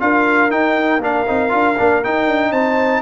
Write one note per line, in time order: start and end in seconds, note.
0.00 0.50 D4
0.00 0.50 F4
0.00 2.52 A#4
0.00 0.51 F5
0.50 1.01 D#4
0.50 0.98 D#4
0.50 1.01 G5
0.98 1.23 A#3
0.98 1.27 D4
0.98 2.04 F5
1.27 1.53 C4
1.27 1.49 D#4
1.49 1.78 D4
1.49 1.74 F4
1.78 2.05 A#3
1.78 2.03 D4
2.04 3.02 D#4
2.04 2.27 D#4
2.04 2.52 G5
2.27 2.51 D4
2.51 3.02 C4
2.51 3.02 C5
2.51 3.02 A5